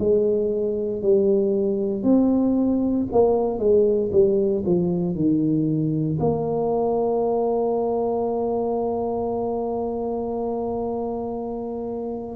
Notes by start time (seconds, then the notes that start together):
0.00 G#3
1.03 G3
2.04 C4
3.13 A#3
3.59 G#3
4.12 G3
4.66 F3
5.15 D#3
6.20 A#3